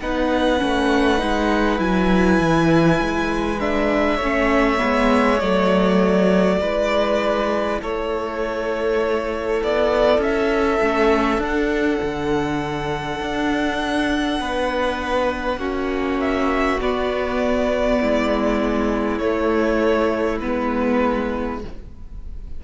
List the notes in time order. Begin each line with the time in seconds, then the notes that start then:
0.00 B3 D#4 B4 F#5
0.58 A3 C#4
1.18 G#3 D#4
1.78 F#3 E4 G#5
2.39 E3
3.00 G#3
3.60 D4 E5
4.16 A3 C#5
4.22 C#4
4.77 G#3 B3
5.39 F#3 A3 D5
6.61 G#3 E4 B4
7.81 A3 A4 C#5
9.62 B3 D5
10.18 C#4 E5
10.81 A3 C#4
11.38 D4 F#5
12.02 D3
13.20 D4
14.39 B3 B4
15.57 A#3 C#4 F#4
16.20 E5
16.80 B3 D5
18.00 G#3 E4
19.18 A3 C#5
20.40 G#3 B3 B4